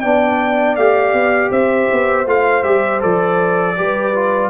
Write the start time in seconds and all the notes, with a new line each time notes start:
0.00 B3 D4 D5 G5
0.76 A3 G4 F5
1.13 B3
1.50 C4 C5 E5
1.92 B3
2.26 A3 F4 F5
2.63 G3 G4 E5
3.00 F3 A4 D5
3.76 G3 G4 B4
4.14 F4